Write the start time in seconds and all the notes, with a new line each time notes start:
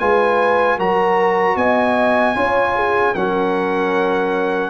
0.00 G#3 F4 B4 G#5
0.78 F#3 F#4 A#4 A#5
1.56 B3 D#5 G#5
2.36 C#4 F4 C#5
2.76 G#4
3.15 F#3 C#4 A#4 F#5